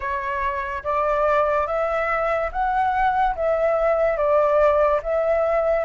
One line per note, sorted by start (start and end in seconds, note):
0.00 0.83 C#5
0.83 1.67 D5
1.67 2.50 E5
2.52 3.35 F#5
3.35 4.17 E5
4.17 5.00 D5
5.02 5.84 E5